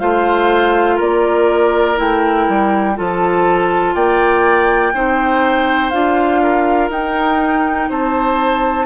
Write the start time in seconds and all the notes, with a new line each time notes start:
0.00 A3 F4 C5 F5
0.96 A#3 A#4 D5
1.96 A3 E4 G5
2.49 G3
2.96 F3 F4 A4 A5
3.95 A#3 D5 G5
4.94 C4 D#4 C5
5.90 D4 F4 F5
6.43 A#4
6.90 D#4 G5
7.90 C4 C5 A5